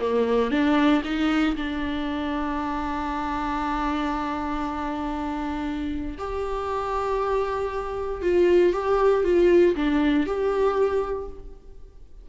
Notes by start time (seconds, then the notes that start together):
0.00 A#3
0.51 D4
1.04 D#4
1.56 D4
6.18 G4
8.22 F4
8.73 G4
9.24 F4
9.76 D4
10.26 G4